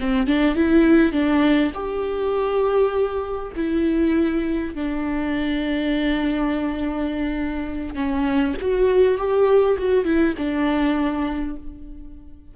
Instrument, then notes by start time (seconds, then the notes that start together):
viola
0.00 C4
0.27 D4
0.56 E4
1.12 D4
1.74 G4
3.56 E4
4.75 D4
7.95 C#4
8.61 F#4
9.18 G4
9.78 F#4
10.05 E4
10.38 D4